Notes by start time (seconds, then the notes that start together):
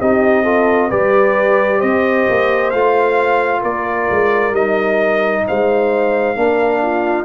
0.00 C4 D#4 G4 D#5
0.43 F4 A4
0.88 G3 G4 B4 D5
1.79 C4 C5 D#5
2.29 A#3
2.70 A3 F4 F5
3.61 A#3 A#4 D5
4.10 G#3
4.51 G3 D#4 D#5
5.47 G#3 C5 F5
6.36 A#3 D4 A#4
6.82 F4